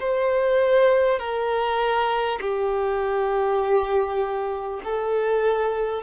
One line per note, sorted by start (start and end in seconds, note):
0.00 1.19 C5
1.19 2.39 A#4
2.40 4.80 G4
4.84 6.03 A4